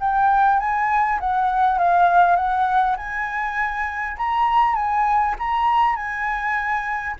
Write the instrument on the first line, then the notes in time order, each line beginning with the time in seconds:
flute
0.00 G5
0.60 G#5
1.20 F#5
1.79 F5
2.36 F#5
2.97 G#5
4.17 A#5
4.75 G#5
5.39 A#5
5.96 G#5